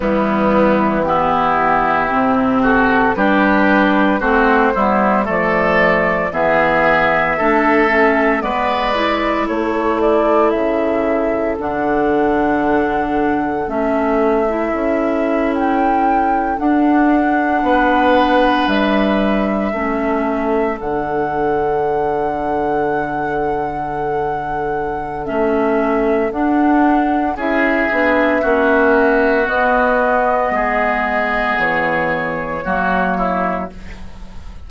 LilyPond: <<
  \new Staff \with { instrumentName = "flute" } { \time 4/4 \tempo 4 = 57 e'4 g'4. a'8 b'4 | c''4 d''4 e''2 | d''4 cis''8 d''8 e''4 fis''4~ | fis''4 e''4.~ e''16 g''4 fis''16~ |
fis''4.~ fis''16 e''2 fis''16~ | fis''1 | e''4 fis''4 e''2 | dis''2 cis''2 | }
  \new Staff \with { instrumentName = "oboe" } { \time 4/4 b4 e'4. fis'8 g'4 | fis'8 e'8 a'4 gis'4 a'4 | b'4 a'2.~ | a'1~ |
a'8. b'2 a'4~ a'16~ | a'1~ | a'2 gis'4 fis'4~ | fis'4 gis'2 fis'8 e'8 | }
  \new Staff \with { instrumentName = "clarinet" } { \time 4/4 g4 b4 c'4 d'4 | c'8 b8 a4 b4 d'8 cis'8 | b8 e'2~ e'8 d'4~ | d'4 cis'8. e'2 d'16~ |
d'2~ d'8. cis'4 d'16~ | d'1 | cis'4 d'4 e'8 d'8 cis'4 | b2. ais4 | }
  \new Staff \with { instrumentName = "bassoon" } { \time 4/4 e2 c4 g4 | a8 g8 f4 e4 a4 | gis4 a4 cis4 d4~ | d4 a4 cis'4.~ cis'16 d'16~ |
d'8. b4 g4 a4 d16~ | d1 | a4 d'4 cis'8 b8 ais4 | b4 gis4 e4 fis4 | }
>>